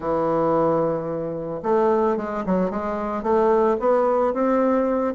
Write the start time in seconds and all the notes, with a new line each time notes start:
0.00 E3
1.62 A3
2.16 G#3
2.45 F#3
2.70 G#3
3.22 A3
3.79 B3
4.33 C4